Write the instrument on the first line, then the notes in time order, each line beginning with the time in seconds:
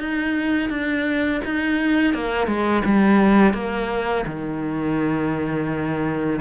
cello
0.00 D#4
0.70 D4
1.45 D#4
2.14 A#3
2.47 G#3
2.85 G3
3.54 A#3
4.26 D#3